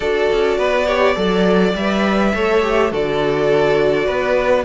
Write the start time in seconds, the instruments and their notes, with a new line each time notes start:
0.00 cello D4, viola F#4, violin A4 D5
0.33 cello C#4
0.57 cello B3, violin B4
0.85 viola G4, violin C#5
1.15 cello F#3, viola A4, violin D5
1.74 cello G3, viola B4, violin E5
2.34 cello A3, viola A4, violin C#5
2.62 viola G4
2.91 cello D3, viola F#4, violin A4 D5
4.06 cello B3, violin B4